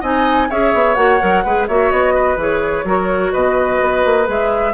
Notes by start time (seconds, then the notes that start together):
0.00 C4 D#4 D#5 G#5
0.49 C#4 G#4 C#5 E5
0.73 B3
0.94 A#3 F#4 F#5
1.19 F#3 A#4
1.44 G#3 G#4 B4
1.67 A#3 F#4 C#5 E5
1.90 B3 D#5
2.14 B4
2.36 E3 G#4 C#5
2.84 F#3 F#4 A#4
3.32 B2 B4 D#5
3.81 B3
4.04 A#3
4.25 G#3 G#4 E5